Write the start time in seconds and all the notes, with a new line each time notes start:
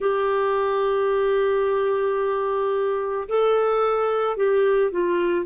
0.00 G4
3.28 A4
4.36 G4
4.91 F4